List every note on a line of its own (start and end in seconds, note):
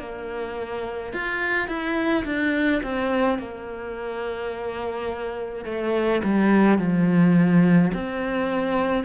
0.00 1.13 A#3
1.13 1.68 F4
1.68 2.24 E4
2.25 2.82 D4
2.83 3.39 C4
3.39 5.65 A#3
5.66 6.22 A3
6.24 6.79 G3
6.79 7.92 F3
7.94 9.05 C4